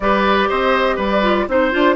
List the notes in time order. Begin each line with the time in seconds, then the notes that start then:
0.00 G3 G4 B4 D5
0.48 C4 C5 D#5
0.96 G3 B4 D5
1.22 F4
1.48 C4 D#4 C5
1.71 D4 F4